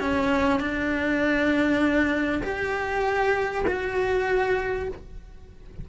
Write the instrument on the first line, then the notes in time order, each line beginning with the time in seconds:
cello
0.00 C#4
0.60 D4
2.43 G4
3.67 F#4